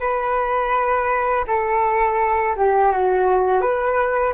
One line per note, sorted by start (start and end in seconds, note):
0.00 1.45 B4
1.47 2.56 A4
2.57 2.92 G4
2.92 3.61 F#4
3.61 4.34 B4